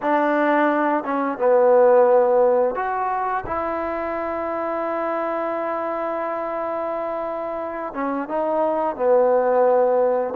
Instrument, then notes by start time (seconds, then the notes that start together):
trombone
0.02 D4
1.04 C#4
1.38 B3
2.75 F#4
3.46 E4
7.93 C#4
8.28 D#4
8.96 B3